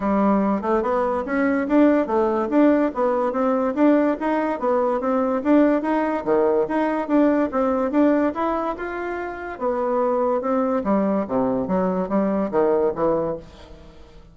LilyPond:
\new Staff \with { instrumentName = "bassoon" } { \time 4/4 \tempo 4 = 144 g4. a8 b4 cis'4 | d'4 a4 d'4 b4 | c'4 d'4 dis'4 b4 | c'4 d'4 dis'4 dis4 |
dis'4 d'4 c'4 d'4 | e'4 f'2 b4~ | b4 c'4 g4 c4 | fis4 g4 dis4 e4 | }